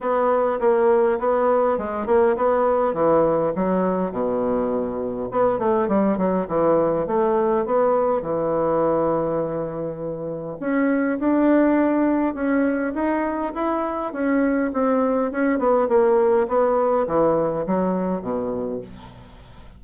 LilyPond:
\new Staff \with { instrumentName = "bassoon" } { \time 4/4 \tempo 4 = 102 b4 ais4 b4 gis8 ais8 | b4 e4 fis4 b,4~ | b,4 b8 a8 g8 fis8 e4 | a4 b4 e2~ |
e2 cis'4 d'4~ | d'4 cis'4 dis'4 e'4 | cis'4 c'4 cis'8 b8 ais4 | b4 e4 fis4 b,4 | }